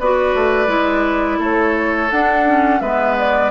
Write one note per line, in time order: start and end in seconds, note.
0.00 0.35 B3
0.00 0.67 F#4
0.00 1.39 B4
0.00 1.41 D5
0.35 0.68 A3
0.67 1.38 G#3
0.67 2.08 E4
1.39 2.10 A3
1.39 2.80 A4
1.39 2.11 C#5
2.11 2.46 D4
2.11 2.81 D4
2.11 2.81 F#5
2.46 2.82 C#4
2.81 3.51 G#3
2.81 3.51 B3
2.81 3.51 B4
2.81 3.16 E5
3.19 3.51 D5